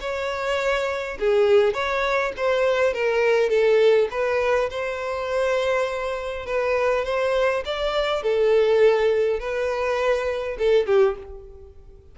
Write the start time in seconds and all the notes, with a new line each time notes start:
0.00 C#5
1.20 G#4
1.73 C#5
2.37 C5
2.94 A#4
3.49 A4
4.10 B4
4.70 C5
6.46 B4
7.05 C5
7.65 D5
8.22 A4
9.39 B4
10.58 A4
10.86 G4